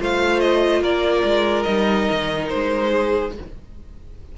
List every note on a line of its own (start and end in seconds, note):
0.00 0.82 A3
0.00 1.66 F4
0.00 0.82 C5
0.00 0.40 F5
0.40 0.82 D#5
0.82 1.23 A#3
0.82 2.91 A#4
0.82 1.63 D5
1.24 1.66 G#3
1.63 2.09 G3
1.63 3.33 D#4
1.63 2.47 D#5
2.11 2.53 D#3
2.49 3.38 G#3
2.49 3.32 C5
2.91 3.32 G#4